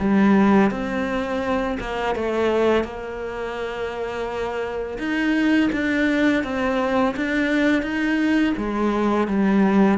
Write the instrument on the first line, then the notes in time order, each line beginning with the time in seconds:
cello
0.00 G3
0.71 C4
1.80 A#3
2.15 A3
2.84 A#3
4.99 D#4
5.72 D4
6.44 C4
7.17 D4
7.82 D#4
8.57 G#3
9.28 G3